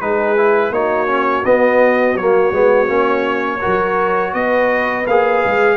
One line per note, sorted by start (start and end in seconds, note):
0.00 0.70 G#3
0.00 0.37 D#4
0.00 0.72 G#4
0.00 0.72 B4
0.37 0.73 E4
0.70 1.42 A#3
0.70 1.07 D#4
0.70 3.59 F#4
0.70 1.44 C#5
1.07 1.43 C#4
1.44 2.14 B3
1.44 2.17 B3
1.44 2.16 D#5
2.14 2.50 F#3
2.14 2.52 A#3
2.14 4.33 C#5
2.51 2.87 G#3
2.51 2.87 B3
2.87 3.60 A#3
2.87 3.59 C#4
3.59 5.05 F#4
3.59 4.32 A#4
3.66 4.33 F#3
4.32 5.06 B3
4.32 5.77 B4
4.32 5.06 D#5
5.06 5.43 A#3
5.06 5.77 G#4
5.06 5.77 F5
5.45 5.77 G#3